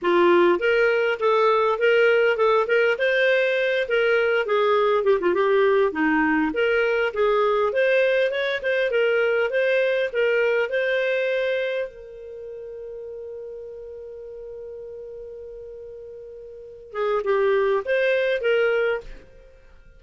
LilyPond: \new Staff \with { instrumentName = "clarinet" } { \time 4/4 \tempo 4 = 101 f'4 ais'4 a'4 ais'4 | a'8 ais'8 c''4. ais'4 gis'8~ | gis'8 g'16 f'16 g'4 dis'4 ais'4 | gis'4 c''4 cis''8 c''8 ais'4 |
c''4 ais'4 c''2 | ais'1~ | ais'1~ | ais'8 gis'8 g'4 c''4 ais'4 | }